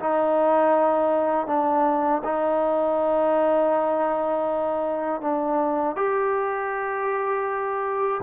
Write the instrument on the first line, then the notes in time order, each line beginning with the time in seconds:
trombone
0.00 D#4
1.47 D4
2.24 D#4
5.22 D4
5.96 G4